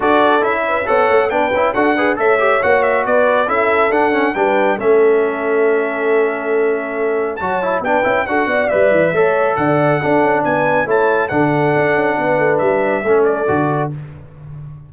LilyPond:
<<
  \new Staff \with { instrumentName = "trumpet" } { \time 4/4 \tempo 4 = 138 d''4 e''4 fis''4 g''4 | fis''4 e''4 fis''8 e''8 d''4 | e''4 fis''4 g''4 e''4~ | e''1~ |
e''4 a''4 g''4 fis''4 | e''2 fis''2 | gis''4 a''4 fis''2~ | fis''4 e''4. d''4. | }
  \new Staff \with { instrumentName = "horn" } { \time 4/4 a'4. b'8 cis''4 b'4 | a'8 b'8 cis''2 b'4 | a'2 b'4 a'4~ | a'1~ |
a'4 cis''4 b'4 a'8 d''8~ | d''4 cis''4 d''4 a'4 | b'4 cis''4 a'2 | b'2 a'2 | }
  \new Staff \with { instrumentName = "trombone" } { \time 4/4 fis'4 e'4 a'4 d'8 e'8 | fis'8 gis'8 a'8 g'8 fis'2 | e'4 d'8 cis'8 d'4 cis'4~ | cis'1~ |
cis'4 fis'8 e'8 d'8 e'8 fis'4 | b'4 a'2 d'4~ | d'4 e'4 d'2~ | d'2 cis'4 fis'4 | }
  \new Staff \with { instrumentName = "tuba" } { \time 4/4 d'4 cis'4 b8 a8 b8 cis'8 | d'4 a4 ais4 b4 | cis'4 d'4 g4 a4~ | a1~ |
a4 fis4 b8 cis'8 d'8 b8 | g8 e8 a4 d4 d'8 cis'8 | b4 a4 d4 d'8 cis'8 | b8 a8 g4 a4 d4 | }
>>